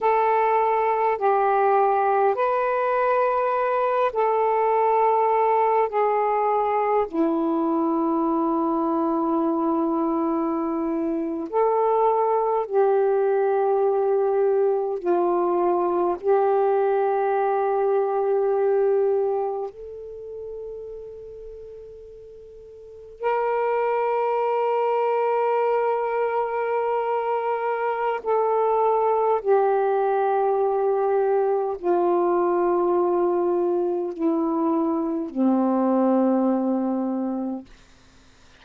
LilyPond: \new Staff \with { instrumentName = "saxophone" } { \time 4/4 \tempo 4 = 51 a'4 g'4 b'4. a'8~ | a'4 gis'4 e'2~ | e'4.~ e'16 a'4 g'4~ g'16~ | g'8. f'4 g'2~ g'16~ |
g'8. a'2. ais'16~ | ais'1 | a'4 g'2 f'4~ | f'4 e'4 c'2 | }